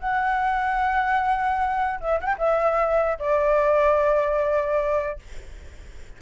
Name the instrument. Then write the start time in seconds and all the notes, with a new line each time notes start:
flute
0.00 F#5
2.01 E5
2.21 F#5 G5
2.39 E5
3.20 D5